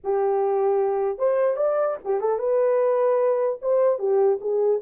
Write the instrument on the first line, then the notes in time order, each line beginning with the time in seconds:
horn
0.04 G4
1.18 C5
1.56 D5
2.04 G4
2.20 A4
2.39 B4
3.61 C5
3.98 G4
4.40 G#4